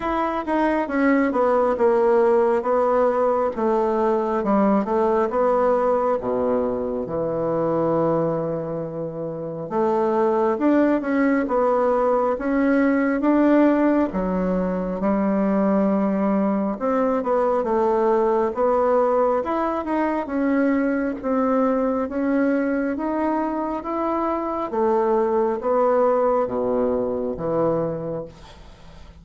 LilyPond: \new Staff \with { instrumentName = "bassoon" } { \time 4/4 \tempo 4 = 68 e'8 dis'8 cis'8 b8 ais4 b4 | a4 g8 a8 b4 b,4 | e2. a4 | d'8 cis'8 b4 cis'4 d'4 |
fis4 g2 c'8 b8 | a4 b4 e'8 dis'8 cis'4 | c'4 cis'4 dis'4 e'4 | a4 b4 b,4 e4 | }